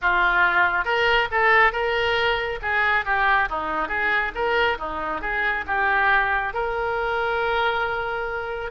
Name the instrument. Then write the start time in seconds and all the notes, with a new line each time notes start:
oboe
0.01 F4
0.84 A#4
1.31 A4
1.72 A#4
2.62 G#4
3.05 G4
3.49 D#4
3.88 G#4
4.34 A#4
4.78 D#4
5.21 G#4
5.66 G4
6.53 A#4